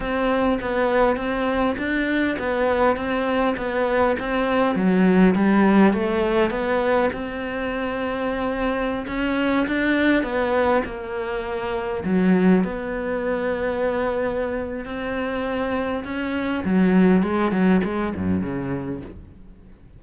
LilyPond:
\new Staff \with { instrumentName = "cello" } { \time 4/4 \tempo 4 = 101 c'4 b4 c'4 d'4 | b4 c'4 b4 c'4 | fis4 g4 a4 b4 | c'2.~ c'16 cis'8.~ |
cis'16 d'4 b4 ais4.~ ais16~ | ais16 fis4 b2~ b8.~ | b4 c'2 cis'4 | fis4 gis8 fis8 gis8 fis,8 cis4 | }